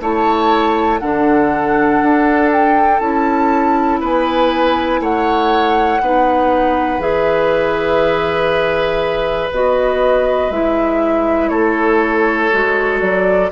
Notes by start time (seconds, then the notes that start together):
0.00 A3 E4 C#5 A5
0.99 D3 D4 A4 F#5
2.01 D4
2.52 G5
3.00 C#4 E4 A5
4.00 B3 B4 G#5
5.00 A3 C#5 F#5
6.00 B3 D#4 B4
6.99 E3 G#4 E5
9.51 B3 F#4 D#5
10.50 G#3 E4 E5
11.48 A3 A4 C#5
12.51 G#3 F#4
13.00 F#3 D5